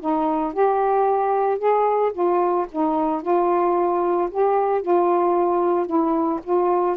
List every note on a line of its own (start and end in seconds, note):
0.00 0.53 D#4
0.53 1.59 G4
1.59 2.12 G#4
2.13 2.66 F4
2.72 3.22 D#4
3.22 4.29 F4
4.31 4.82 G4
4.82 5.87 F4
5.87 6.40 E4
6.44 6.97 F4